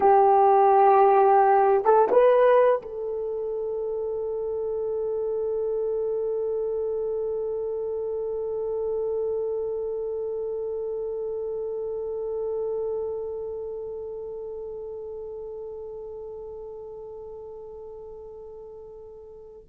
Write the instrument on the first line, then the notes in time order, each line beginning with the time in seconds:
horn
0.00 G4
1.85 A4
2.11 B4
2.82 A4